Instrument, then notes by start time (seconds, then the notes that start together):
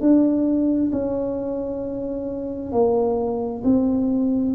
tuba
0.00 D4
0.92 C#4
2.71 A#3
3.64 C4